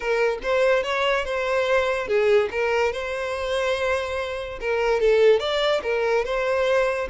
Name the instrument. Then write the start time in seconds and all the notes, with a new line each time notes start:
violin
0.00 A#4
0.42 C5
0.83 C#5
1.24 C5
2.07 G#4
2.51 A#4
2.92 C5
4.60 A#4
5.00 A4
5.39 D5
5.83 A#4
6.24 C5